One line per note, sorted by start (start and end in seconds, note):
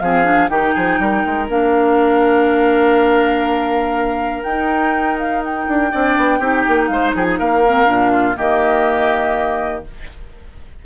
0.00 0.50 F3
0.00 0.24 C4
0.00 0.51 G#4
0.00 0.49 F5
0.24 0.49 D4
0.49 0.74 D#3
0.49 1.48 D#4
0.49 0.75 G4
0.49 1.48 G5
0.75 0.99 F3
0.75 0.99 G#4
0.99 1.24 G3
0.99 5.92 A#4
1.26 1.49 G#3
1.49 4.44 A#3
1.49 4.45 D4
1.49 4.43 F5
4.43 5.67 D#4
4.43 5.92 D#4
4.43 5.17 G5
5.19 5.44 F5
5.45 6.87 G5
5.68 5.92 D4
5.92 6.17 C4
5.92 6.41 D4
5.92 6.39 D5
6.17 6.40 B3
6.39 6.65 C4
6.39 7.64 D#4
6.39 6.89 G4
6.68 6.89 A#3
6.87 7.14 G#3
6.87 7.16 C5
6.87 7.12 F5
7.15 7.40 F3
7.15 7.39 G#4
7.15 7.24 G5
7.24 7.37 G#5
7.39 7.87 A#3
7.39 8.12 A#4
7.39 8.37 F5
7.67 7.86 C4
7.86 8.36 A#2
7.86 8.35 D4
8.12 8.37 F4
8.37 9.86 D#3
8.37 9.85 A#3
8.37 9.85 G4
8.37 9.85 D#5